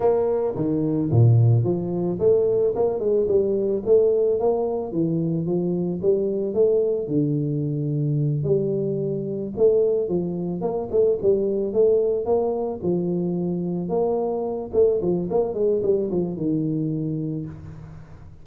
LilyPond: \new Staff \with { instrumentName = "tuba" } { \time 4/4 \tempo 4 = 110 ais4 dis4 ais,4 f4 | a4 ais8 gis8 g4 a4 | ais4 e4 f4 g4 | a4 d2~ d8 g8~ |
g4. a4 f4 ais8 | a8 g4 a4 ais4 f8~ | f4. ais4. a8 f8 | ais8 gis8 g8 f8 dis2 | }